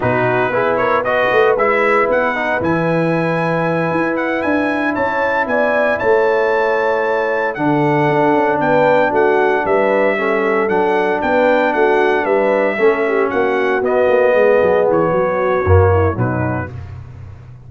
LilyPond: <<
  \new Staff \with { instrumentName = "trumpet" } { \time 4/4 \tempo 4 = 115 b'4. cis''8 dis''4 e''4 | fis''4 gis''2. | fis''8 gis''4 a''4 gis''4 a''8~ | a''2~ a''8 fis''4.~ |
fis''8 g''4 fis''4 e''4.~ | e''8 fis''4 g''4 fis''4 e''8~ | e''4. fis''4 dis''4.~ | dis''8 cis''2~ cis''8 b'4 | }
  \new Staff \with { instrumentName = "horn" } { \time 4/4 fis'4 gis'8 ais'8 b'2~ | b'1~ | b'4. cis''4 d''4 cis''8~ | cis''2~ cis''8 a'4.~ |
a'8 b'4 fis'4 b'4 a'8~ | a'4. b'4 fis'4 b'8~ | b'8 a'8 g'8 fis'2 gis'8~ | gis'4 fis'4. e'8 dis'4 | }
  \new Staff \with { instrumentName = "trombone" } { \time 4/4 dis'4 e'4 fis'4 e'4~ | e'8 dis'8 e'2.~ | e'1~ | e'2~ e'8 d'4.~ |
d'2.~ d'8 cis'8~ | cis'8 d'2.~ d'8~ | d'8 cis'2 b4.~ | b2 ais4 fis4 | }
  \new Staff \with { instrumentName = "tuba" } { \time 4/4 b,4 b4. a8 gis4 | b4 e2~ e8 e'8~ | e'8 d'4 cis'4 b4 a8~ | a2~ a8 d4 d'8 |
cis'8 b4 a4 g4.~ | g8 fis4 b4 a4 g8~ | g8 a4 ais4 b8 ais8 gis8 | fis8 e8 fis4 fis,4 b,4 | }
>>